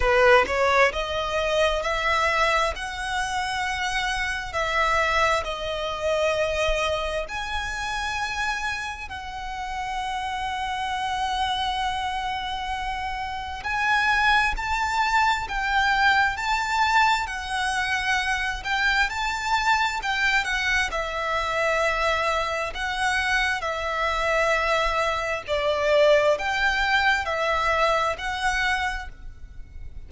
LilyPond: \new Staff \with { instrumentName = "violin" } { \time 4/4 \tempo 4 = 66 b'8 cis''8 dis''4 e''4 fis''4~ | fis''4 e''4 dis''2 | gis''2 fis''2~ | fis''2. gis''4 |
a''4 g''4 a''4 fis''4~ | fis''8 g''8 a''4 g''8 fis''8 e''4~ | e''4 fis''4 e''2 | d''4 g''4 e''4 fis''4 | }